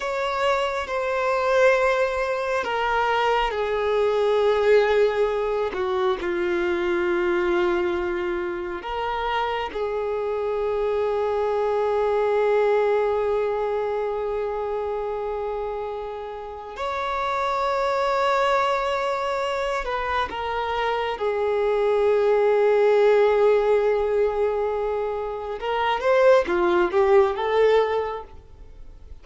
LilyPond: \new Staff \with { instrumentName = "violin" } { \time 4/4 \tempo 4 = 68 cis''4 c''2 ais'4 | gis'2~ gis'8 fis'8 f'4~ | f'2 ais'4 gis'4~ | gis'1~ |
gis'2. cis''4~ | cis''2~ cis''8 b'8 ais'4 | gis'1~ | gis'4 ais'8 c''8 f'8 g'8 a'4 | }